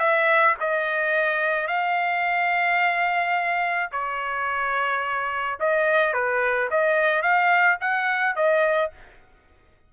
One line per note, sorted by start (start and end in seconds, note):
0.00 0.56 E5
0.61 1.68 D#5
1.68 3.90 F5
3.92 5.59 C#5
5.60 6.14 D#5
6.14 6.69 B4
6.71 7.23 D#5
7.23 7.78 F5
7.81 8.36 F#5
8.36 8.92 D#5